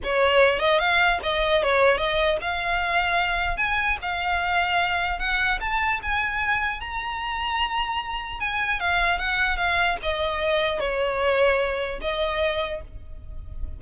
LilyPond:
\new Staff \with { instrumentName = "violin" } { \time 4/4 \tempo 4 = 150 cis''4. dis''8 f''4 dis''4 | cis''4 dis''4 f''2~ | f''4 gis''4 f''2~ | f''4 fis''4 a''4 gis''4~ |
gis''4 ais''2.~ | ais''4 gis''4 f''4 fis''4 | f''4 dis''2 cis''4~ | cis''2 dis''2 | }